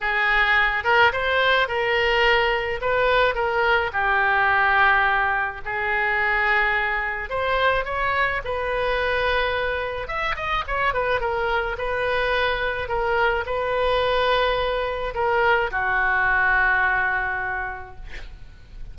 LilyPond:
\new Staff \with { instrumentName = "oboe" } { \time 4/4 \tempo 4 = 107 gis'4. ais'8 c''4 ais'4~ | ais'4 b'4 ais'4 g'4~ | g'2 gis'2~ | gis'4 c''4 cis''4 b'4~ |
b'2 e''8 dis''8 cis''8 b'8 | ais'4 b'2 ais'4 | b'2. ais'4 | fis'1 | }